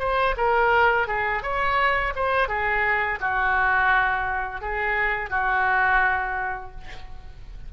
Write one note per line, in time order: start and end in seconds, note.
0.00 0.35 C5
0.37 1.08 A#4
1.08 1.43 G#4
1.43 2.14 C#5
2.16 2.49 C5
2.49 3.19 G#4
3.21 4.61 F#4
4.61 5.30 G#4
5.30 6.71 F#4